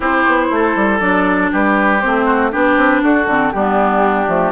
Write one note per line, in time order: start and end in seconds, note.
0.00 0.25 C4
0.00 0.99 E4
0.00 0.46 G4
0.00 0.99 C5
0.26 0.50 B3
0.50 0.75 A3
0.50 1.51 A4
0.75 1.00 G3
0.99 1.50 F#3
0.99 2.00 D4
0.99 1.50 D5
1.51 2.04 G3
1.51 2.25 G4
1.51 2.00 B4
2.00 2.54 A3
2.00 2.51 C4
2.00 2.51 C5
2.25 2.50 F#4
2.51 2.77 B3
2.51 3.27 D4
2.51 3.02 G4
2.51 3.03 B4
2.77 3.02 C4
3.02 3.26 D4
3.02 3.53 F#4
3.02 3.51 A4
3.26 3.51 D3
3.26 3.53 C4
3.51 4.27 G3
3.51 4.27 B3
3.51 4.52 D4
3.51 4.52 G4
4.27 4.52 F3
4.27 4.52 A3